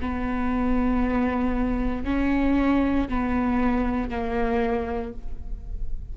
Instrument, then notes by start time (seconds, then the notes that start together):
viola
0.00 B3
2.04 C#4
3.08 B3
4.10 A#3